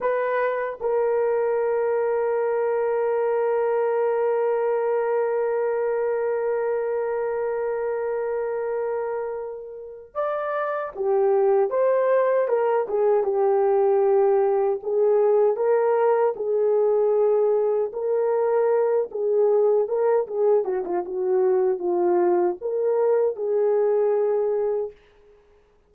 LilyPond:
\new Staff \with { instrumentName = "horn" } { \time 4/4 \tempo 4 = 77 b'4 ais'2.~ | ais'1~ | ais'1~ | ais'4 d''4 g'4 c''4 |
ais'8 gis'8 g'2 gis'4 | ais'4 gis'2 ais'4~ | ais'8 gis'4 ais'8 gis'8 fis'16 f'16 fis'4 | f'4 ais'4 gis'2 | }